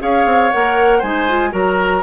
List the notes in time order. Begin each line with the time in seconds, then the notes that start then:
0.00 C#4 G#4 C#5 F5
0.26 C4
0.52 A#3 A#4 F#5
0.98 G#3 D#4 C5 G#5
1.29 F4
1.51 F#3 F#4 A#4 A#5